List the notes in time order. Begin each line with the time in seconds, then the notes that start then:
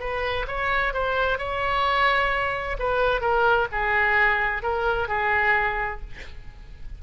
0.00 B4
0.48 C#5
0.93 C5
1.38 C#5
2.79 B4
3.21 A#4
3.72 G#4
4.63 A#4
5.08 G#4